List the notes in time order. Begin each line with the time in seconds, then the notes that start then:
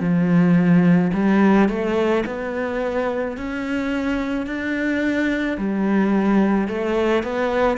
0.00 F3
1.14 G3
1.69 A3
2.26 B3
3.37 C#4
4.46 D4
5.58 G3
6.68 A3
7.23 B3